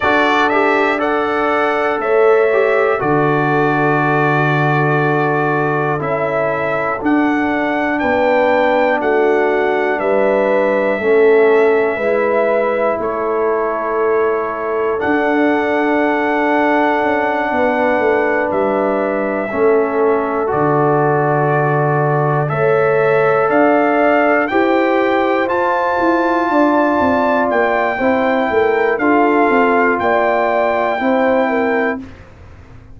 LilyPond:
<<
  \new Staff \with { instrumentName = "trumpet" } { \time 4/4 \tempo 4 = 60 d''8 e''8 fis''4 e''4 d''4~ | d''2 e''4 fis''4 | g''4 fis''4 e''2~ | e''4 cis''2 fis''4~ |
fis''2~ fis''8 e''4.~ | e''8 d''2 e''4 f''8~ | f''8 g''4 a''2 g''8~ | g''4 f''4 g''2 | }
  \new Staff \with { instrumentName = "horn" } { \time 4/4 a'4 d''4 cis''4 a'4~ | a'1 | b'4 fis'4 b'4 a'4 | b'4 a'2.~ |
a'4. b'2 a'8~ | a'2~ a'8 cis''4 d''8~ | d''8 c''2 d''4. | c''8 ais'8 a'4 d''4 c''8 ais'8 | }
  \new Staff \with { instrumentName = "trombone" } { \time 4/4 fis'8 g'8 a'4. g'8 fis'4~ | fis'2 e'4 d'4~ | d'2. cis'4 | e'2. d'4~ |
d'2.~ d'8 cis'8~ | cis'8 fis'2 a'4.~ | a'8 g'4 f'2~ f'8 | e'4 f'2 e'4 | }
  \new Staff \with { instrumentName = "tuba" } { \time 4/4 d'2 a4 d4~ | d2 cis'4 d'4 | b4 a4 g4 a4 | gis4 a2 d'4~ |
d'4 cis'8 b8 a8 g4 a8~ | a8 d2 a4 d'8~ | d'8 e'4 f'8 e'8 d'8 c'8 ais8 | c'8 a8 d'8 c'8 ais4 c'4 | }
>>